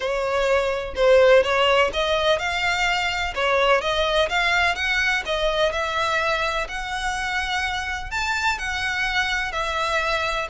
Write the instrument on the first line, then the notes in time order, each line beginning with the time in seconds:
violin
0.00 C#5
0.95 C5
1.43 C#5
1.93 D#5
2.38 F5
3.34 C#5
3.81 D#5
4.29 F5
4.75 F#5
5.25 D#5
5.71 E5
6.68 F#5
8.10 A5
8.58 F#5
9.52 E5